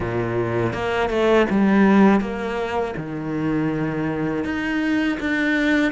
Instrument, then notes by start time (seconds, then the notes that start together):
cello
0.00 A#2
0.73 A#3
1.09 A3
1.49 G3
2.20 A#3
2.96 D#3
4.44 D#4
5.20 D4